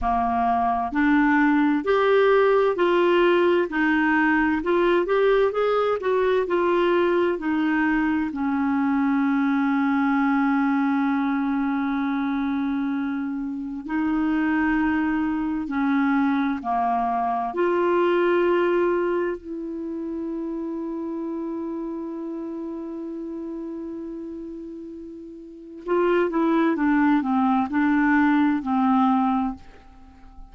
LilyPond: \new Staff \with { instrumentName = "clarinet" } { \time 4/4 \tempo 4 = 65 ais4 d'4 g'4 f'4 | dis'4 f'8 g'8 gis'8 fis'8 f'4 | dis'4 cis'2.~ | cis'2. dis'4~ |
dis'4 cis'4 ais4 f'4~ | f'4 e'2.~ | e'1 | f'8 e'8 d'8 c'8 d'4 c'4 | }